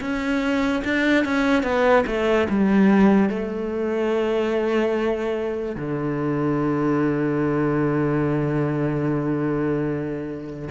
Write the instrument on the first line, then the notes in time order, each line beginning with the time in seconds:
cello
0.00 C#4
0.84 D4
1.24 C#4
1.63 B3
2.06 A3
2.49 G3
3.29 A3
5.76 D3